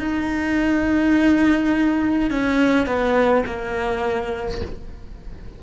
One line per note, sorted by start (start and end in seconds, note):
0.00 2.31 D#4
2.31 2.87 C#4
2.87 3.45 B3
3.46 4.62 A#3